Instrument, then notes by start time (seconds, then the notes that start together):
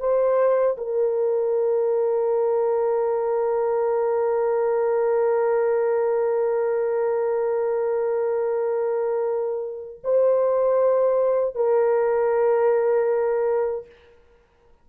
horn
0.00 C5
0.78 A#4
10.04 C5
11.55 A#4